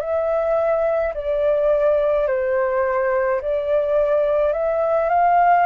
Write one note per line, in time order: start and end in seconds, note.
0.00 1.13 E5
1.14 2.27 D5
2.27 3.41 C5
3.41 4.53 D5
4.53 5.09 E5
5.09 5.66 F5